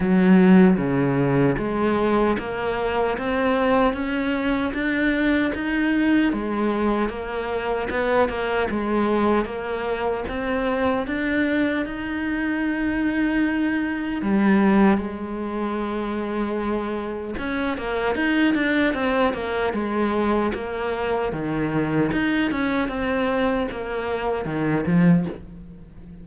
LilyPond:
\new Staff \with { instrumentName = "cello" } { \time 4/4 \tempo 4 = 76 fis4 cis4 gis4 ais4 | c'4 cis'4 d'4 dis'4 | gis4 ais4 b8 ais8 gis4 | ais4 c'4 d'4 dis'4~ |
dis'2 g4 gis4~ | gis2 cis'8 ais8 dis'8 d'8 | c'8 ais8 gis4 ais4 dis4 | dis'8 cis'8 c'4 ais4 dis8 f8 | }